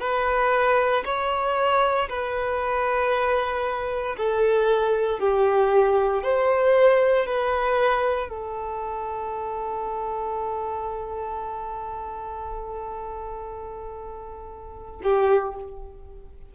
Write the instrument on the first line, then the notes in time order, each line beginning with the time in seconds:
violin
0.00 B4
1.05 C#5
2.09 B4
4.17 A4
5.19 G4
6.23 C5
7.26 B4
8.29 A4
15.03 G4